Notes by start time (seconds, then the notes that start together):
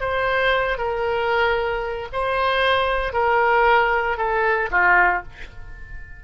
0.00 C5
0.78 A#4
2.12 C5
3.13 A#4
4.17 A4
4.71 F4